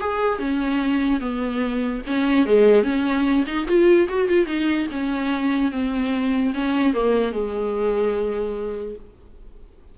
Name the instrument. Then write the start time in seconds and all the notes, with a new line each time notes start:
viola
0.00 G#4
0.39 C#4
1.20 B3
2.07 C#4
2.46 G#3
2.83 C#4
3.46 D#4
3.67 F4
4.08 F#4
4.28 F4
4.46 D#4
4.91 C#4
5.71 C4
6.54 C#4
6.94 A#3
7.32 G#3